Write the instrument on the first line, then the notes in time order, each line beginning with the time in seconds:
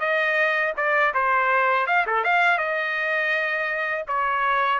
trumpet
0.00 D#5
0.76 D5
1.14 C5
1.87 F5
2.07 A4
2.24 F5
2.58 D#5
4.08 C#5